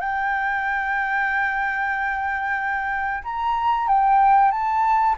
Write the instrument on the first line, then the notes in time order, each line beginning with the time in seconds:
flute
0.00 G5
3.23 A#5
3.88 G5
4.51 A5